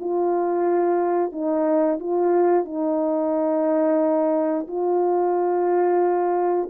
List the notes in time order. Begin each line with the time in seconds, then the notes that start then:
0.00 F4
1.32 D#4
2.00 F4
2.65 D#4
4.68 F4